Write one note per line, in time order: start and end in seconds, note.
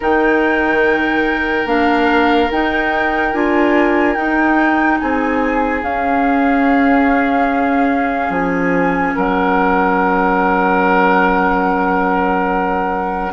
0.00 1.65 D#3
0.00 1.66 D#4
0.00 4.97 A#4
0.00 1.67 G5
1.65 2.48 A#3
1.65 2.49 D4
1.65 2.51 F5
2.51 3.33 D#4
2.51 3.33 G5
3.33 4.15 D4
3.33 4.16 F4
3.33 4.15 G#5
4.15 4.99 D#4
4.15 5.82 D#4
4.15 4.98 G5
4.99 5.82 C4
4.99 9.15 G#4
4.99 5.82 G#5
5.82 8.29 C#4
5.82 13.32 C#4
5.82 8.33 F5
8.29 9.12 F3
8.29 9.16 G#5
9.15 13.32 F#3
9.15 13.31 A#4
9.15 13.32 F#5